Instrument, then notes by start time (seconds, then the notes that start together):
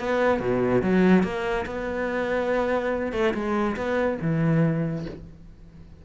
cello
0.00 B3
0.40 B2
0.83 F#3
1.24 A#3
1.66 B3
3.13 A3
3.35 G#3
3.77 B3
4.22 E3